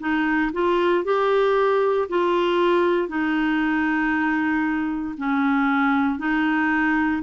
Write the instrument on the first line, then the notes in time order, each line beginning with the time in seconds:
clarinet
0.00 D#4
0.53 F4
1.04 G4
2.09 F4
3.08 D#4
5.17 C#4
6.19 D#4